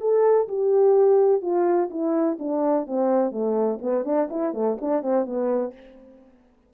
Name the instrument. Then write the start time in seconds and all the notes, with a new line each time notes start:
horn
0.00 A4
0.48 G4
1.42 F4
1.90 E4
2.39 D4
2.86 C4
3.32 A3
3.81 B3
4.05 D4
4.30 E4
4.53 A3
4.81 D4
5.02 C4
5.26 B3